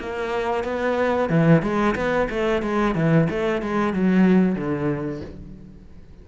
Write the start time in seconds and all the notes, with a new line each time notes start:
0.00 A#3
0.64 B3
1.29 E3
1.62 G#3
1.95 B3
2.30 A3
2.62 G#3
2.95 E3
3.30 A3
3.62 G#3
3.94 F#3
4.55 D3